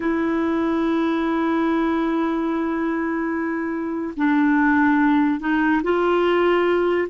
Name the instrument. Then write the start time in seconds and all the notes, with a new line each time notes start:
clarinet
0.00 E4
4.16 D4
5.39 D#4
5.83 F4